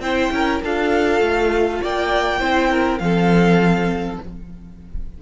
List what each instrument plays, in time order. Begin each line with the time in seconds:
0.00 cello C4, viola E4, violin C5 G5
0.31 cello C#4, violin A#4
0.63 cello D4, viola F4, violin A4 F5
1.20 cello A3
1.81 cello A#3, violin D5 G5
2.40 cello C4, viola E4, violin C5
2.70 violin A#4
2.99 cello F3, viola C4, violin A4 F5